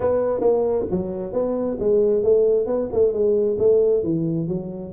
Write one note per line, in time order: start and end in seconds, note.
0.00 0.40 B3
0.40 0.85 A#3
0.90 1.32 F#3
1.32 1.77 B3
1.79 2.23 G#3
2.23 2.66 A3
2.66 2.88 B3
2.92 3.12 A3
3.12 3.57 G#3
3.58 4.03 A3
4.03 4.48 E3
4.48 4.92 F#3